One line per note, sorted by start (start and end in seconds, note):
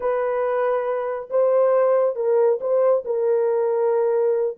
0.00 1.29 B4
1.30 2.15 C5
2.15 2.59 A#4
2.60 3.04 C5
3.04 4.57 A#4